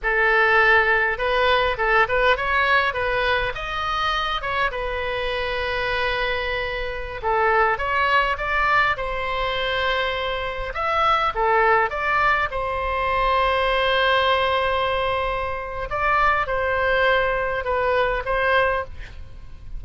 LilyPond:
\new Staff \with { instrumentName = "oboe" } { \time 4/4 \tempo 4 = 102 a'2 b'4 a'8 b'8 | cis''4 b'4 dis''4. cis''8 | b'1~ | b'16 a'4 cis''4 d''4 c''8.~ |
c''2~ c''16 e''4 a'8.~ | a'16 d''4 c''2~ c''8.~ | c''2. d''4 | c''2 b'4 c''4 | }